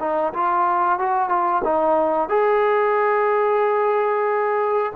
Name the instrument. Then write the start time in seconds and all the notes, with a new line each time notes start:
trombone
0.00 D#4
0.34 F4
0.99 F#4
1.29 F4
1.64 D#4
2.29 G#4